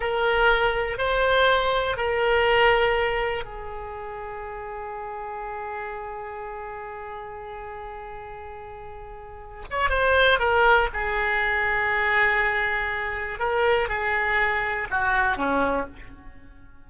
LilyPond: \new Staff \with { instrumentName = "oboe" } { \time 4/4 \tempo 4 = 121 ais'2 c''2 | ais'2. gis'4~ | gis'1~ | gis'1~ |
gis'2.~ gis'8 cis''8 | c''4 ais'4 gis'2~ | gis'2. ais'4 | gis'2 fis'4 cis'4 | }